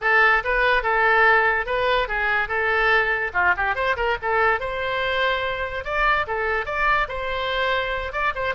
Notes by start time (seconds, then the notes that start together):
0.01 A4
0.43 B4
0.82 A4
1.66 B4
2.08 G#4
2.48 A4
3.33 F4
3.56 G4
3.75 C5
3.96 A#4
4.21 A4
4.59 C5
5.84 D5
6.27 A4
6.65 D5
7.08 C5
8.12 D5
8.35 C5